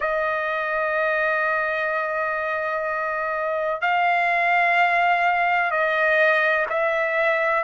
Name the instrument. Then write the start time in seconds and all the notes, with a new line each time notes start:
trumpet
0.00 D#5
3.81 F5
5.70 D#5
6.69 E5